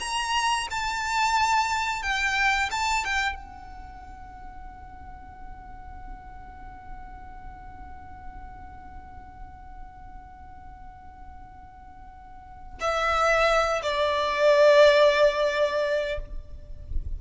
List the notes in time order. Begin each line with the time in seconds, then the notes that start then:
0.00 A#5
0.71 A5
2.03 G5
2.71 A5
3.05 G5
3.35 F#5
12.81 E5
13.83 D5